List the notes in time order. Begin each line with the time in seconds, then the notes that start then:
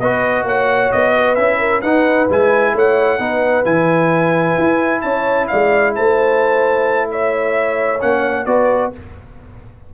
0.00 B3 F#4 B4 D#5
0.44 A#3 C#5 F#5
0.92 B3 D#5
1.15 B4
1.35 C#4 E4 E5
1.60 A#4
1.82 D#4 B4 F#5
2.30 G#3 E4 G#5
2.74 A3 C#5 F#5
3.19 B3 D#4 B4
3.64 E3 E4 G#5
4.59 E4
5.02 C#4 C#5 A5
5.48 G#3 D5 F5
5.95 A3 C5 A5
7.11 C#5 E5
8.01 A#3 C#4 F#5
8.46 B3 F#4 B4 D5